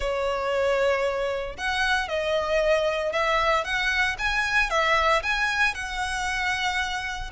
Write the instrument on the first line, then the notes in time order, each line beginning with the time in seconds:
violin
0.00 C#5
1.57 F#5
2.08 D#5
3.12 E5
3.64 F#5
4.18 G#5
4.70 E5
5.22 G#5
5.74 F#5